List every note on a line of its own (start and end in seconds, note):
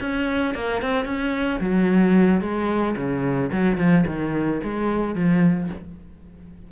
0.00 0.54 C#4
0.54 0.81 A#3
0.81 1.05 C4
1.05 1.59 C#4
1.60 2.40 F#3
2.40 2.95 G#3
2.96 3.50 C#3
3.52 3.77 F#3
3.77 4.04 F3
4.06 4.61 D#3
4.63 5.15 G#3
5.15 5.69 F3